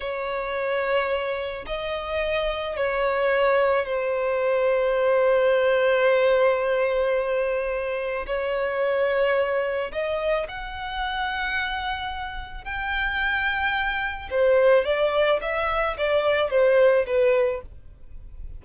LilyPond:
\new Staff \with { instrumentName = "violin" } { \time 4/4 \tempo 4 = 109 cis''2. dis''4~ | dis''4 cis''2 c''4~ | c''1~ | c''2. cis''4~ |
cis''2 dis''4 fis''4~ | fis''2. g''4~ | g''2 c''4 d''4 | e''4 d''4 c''4 b'4 | }